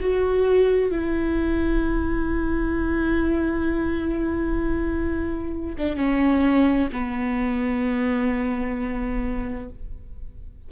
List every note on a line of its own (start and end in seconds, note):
0.00 0.91 F#4
0.91 5.76 E4
5.78 5.96 D4
5.96 6.89 C#4
6.92 9.69 B3